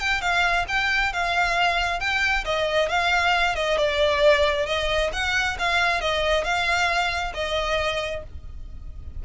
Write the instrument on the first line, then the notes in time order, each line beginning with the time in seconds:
violin
0.00 G5
0.21 F5
0.68 G5
1.13 F5
2.00 G5
2.45 D#5
2.89 F5
3.56 D#5
3.78 D5
4.66 D#5
5.13 F#5
5.59 F5
6.01 D#5
6.44 F5
7.34 D#5